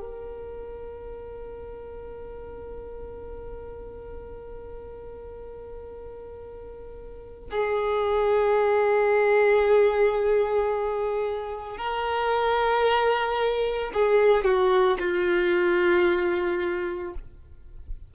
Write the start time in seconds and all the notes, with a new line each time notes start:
0.00 A#4
7.51 G#4
11.78 A#4
13.94 G#4
14.44 F#4
15.00 F4